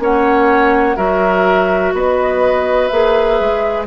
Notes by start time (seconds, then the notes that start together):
0.00 A#3 C#4 C#5 F#5
0.97 F#3 F#4 A#4 E5
1.93 B3 B4 D#5
2.88 A#3 G#4 E5
3.40 G#3